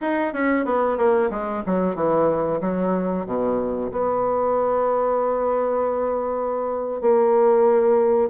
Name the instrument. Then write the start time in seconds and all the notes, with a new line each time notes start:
bassoon
0.01 D#4
0.33 C#4
0.65 B3
0.97 A#3
1.30 G#3
1.65 F#3
1.95 E3
2.61 F#3
3.25 B2
3.91 B3
7.01 A#3